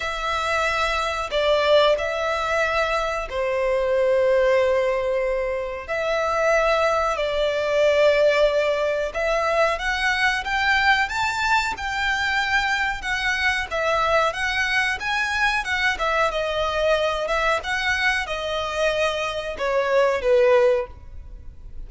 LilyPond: \new Staff \with { instrumentName = "violin" } { \time 4/4 \tempo 4 = 92 e''2 d''4 e''4~ | e''4 c''2.~ | c''4 e''2 d''4~ | d''2 e''4 fis''4 |
g''4 a''4 g''2 | fis''4 e''4 fis''4 gis''4 | fis''8 e''8 dis''4. e''8 fis''4 | dis''2 cis''4 b'4 | }